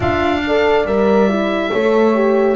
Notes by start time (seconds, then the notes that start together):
0.00 D4 F4 E5 F5
0.46 A4 D5
0.84 G3 A#4 E5
1.29 E4
1.72 A3 A4 C#5
2.14 G4